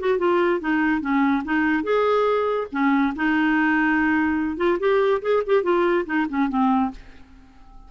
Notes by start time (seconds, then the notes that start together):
0.00 F#4
0.18 F4
0.60 D#4
1.01 C#4
1.45 D#4
1.84 G#4
2.72 C#4
3.16 D#4
4.57 F4
4.80 G4
5.22 G#4
5.46 G4
5.63 F4
6.06 D#4
6.30 C#4
6.49 C4